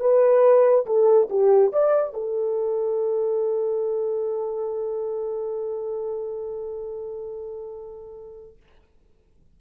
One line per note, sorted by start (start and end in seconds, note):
0.00 0.86 B4
0.86 1.29 A4
1.30 1.72 G4
1.73 2.14 D5
2.14 8.57 A4